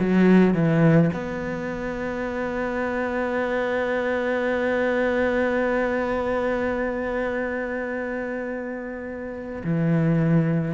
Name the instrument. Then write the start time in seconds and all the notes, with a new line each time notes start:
cello
0.00 F#3
0.55 E3
1.14 B3
9.64 E3